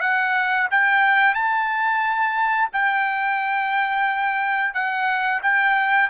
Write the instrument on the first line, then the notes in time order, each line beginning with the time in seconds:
trumpet
0.00 F#5
0.70 G5
1.34 A5
2.72 G5
4.73 F#5
5.42 G5